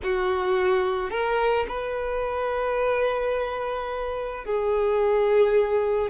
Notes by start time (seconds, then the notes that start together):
0.03 F#4
1.10 A#4
1.68 B4
4.45 G#4